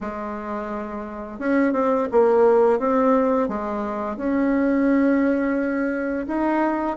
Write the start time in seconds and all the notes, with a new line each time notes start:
0.00 G#3
1.39 C#4
1.73 C4
2.11 A#3
2.79 C4
3.48 G#3
4.17 C#4
6.27 D#4